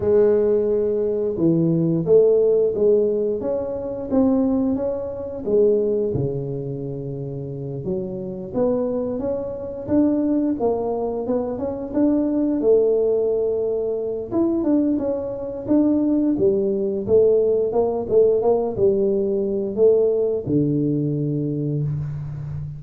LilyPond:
\new Staff \with { instrumentName = "tuba" } { \time 4/4 \tempo 4 = 88 gis2 e4 a4 | gis4 cis'4 c'4 cis'4 | gis4 cis2~ cis8 fis8~ | fis8 b4 cis'4 d'4 ais8~ |
ais8 b8 cis'8 d'4 a4.~ | a4 e'8 d'8 cis'4 d'4 | g4 a4 ais8 a8 ais8 g8~ | g4 a4 d2 | }